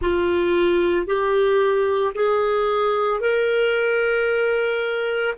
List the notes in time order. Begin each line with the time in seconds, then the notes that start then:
0.01 F4
1.06 G4
2.14 G#4
3.20 A#4